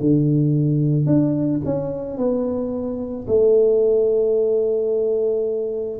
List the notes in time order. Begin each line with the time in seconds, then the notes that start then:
0.00 D3
1.06 D4
1.65 C#4
2.17 B3
3.27 A3